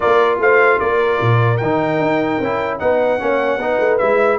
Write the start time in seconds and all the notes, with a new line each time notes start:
0.00 A#3 F4 A#4 D5
0.39 A3 C5 F5
0.79 A#3 A#4 D5
1.20 A#2
1.57 D#3 D#4 G5
1.98 D#4
2.40 C#4 E4
2.79 B3 D#4 B4 F#5
3.19 A#3 C#4 C#5
3.57 B3 D#4 B4
3.79 A3
3.98 G#3 E4 E5